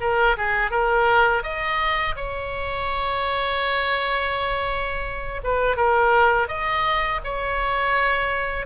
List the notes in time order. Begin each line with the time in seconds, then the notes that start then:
0.00 A#4
0.37 G#4
0.70 A#4
1.43 D#5
2.16 C#5
5.43 B4
5.76 A#4
6.48 D#5
7.24 C#5